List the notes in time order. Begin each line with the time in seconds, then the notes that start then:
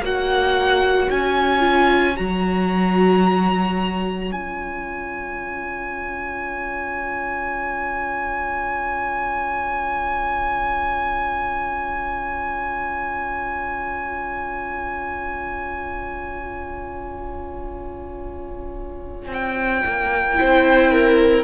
0.00 A#3 F#4 C#5 F#5
1.10 C#4 G#5
1.60 F4
2.17 F#3 F#4 A#5
4.31 C#4 F4 G#5
19.29 C4 G5
19.86 A#3
20.36 C4 E4 C5
20.92 A#4